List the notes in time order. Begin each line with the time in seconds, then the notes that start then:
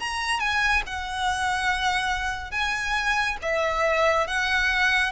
0.00 A#5
0.40 G#5
0.86 F#5
2.51 G#5
3.42 E5
4.27 F#5